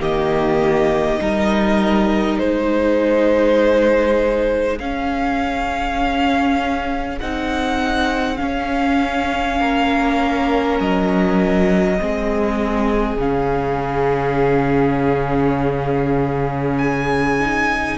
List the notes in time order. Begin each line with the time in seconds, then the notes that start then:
0.00 D#3 A#3 G4 D#5
1.19 G3 D#4 A#4
2.39 G#3 G#4 C5
4.79 C#4 F5
7.20 C4 D#4 F#5
8.37 C#4 F5
9.60 A#3 A#4
10.80 F#3 D#5
12.00 G#3 C4 G#4
13.17 C#3 C#4 F5
16.78 G#5
17.40 D#4